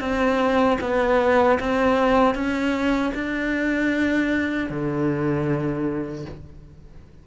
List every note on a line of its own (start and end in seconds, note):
0.00 0.78 C4
0.81 1.59 B3
1.59 2.34 C4
2.34 3.12 C#4
3.14 4.69 D4
4.69 6.25 D3